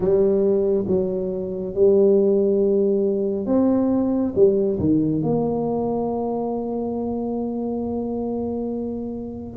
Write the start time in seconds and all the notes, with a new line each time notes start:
0.00 G3
0.87 F#3
1.74 G3
3.46 C4
4.35 G3
4.79 D#3
5.22 A#3